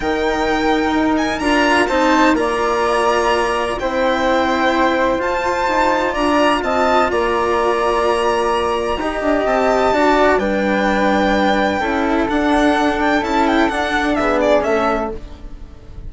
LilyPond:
<<
  \new Staff \with { instrumentName = "violin" } { \time 4/4 \tempo 4 = 127 g''2~ g''8 gis''8 ais''4 | a''4 ais''2. | g''2. a''4~ | a''4 ais''4 a''4 ais''4~ |
ais''1 | a''2 g''2~ | g''2 fis''4. g''8 | a''8 g''8 fis''4 e''8 d''8 e''4 | }
  \new Staff \with { instrumentName = "flute" } { \time 4/4 ais'1 | c''4 d''2. | c''1~ | c''4 d''4 dis''4 d''4~ |
d''2. dis''4~ | dis''4 d''4 b'2~ | b'4 a'2.~ | a'2 gis'4 a'4 | }
  \new Staff \with { instrumentName = "cello" } { \time 4/4 dis'2. f'4 | dis'4 f'2. | e'2. f'4~ | f'1~ |
f'2. g'4~ | g'4 fis'4 d'2~ | d'4 e'4 d'2 | e'4 d'4 b4 cis'4 | }
  \new Staff \with { instrumentName = "bassoon" } { \time 4/4 dis2 dis'4 d'4 | c'4 ais2. | c'2. f'4 | dis'4 d'4 c'4 ais4~ |
ais2. dis'8 d'8 | c'4 d'4 g2~ | g4 cis'4 d'2 | cis'4 d'2 a4 | }
>>